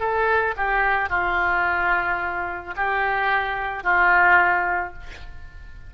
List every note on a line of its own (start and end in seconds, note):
0.00 0.55 A4
0.57 1.10 G4
1.10 2.75 F4
2.76 3.84 G4
3.84 4.94 F4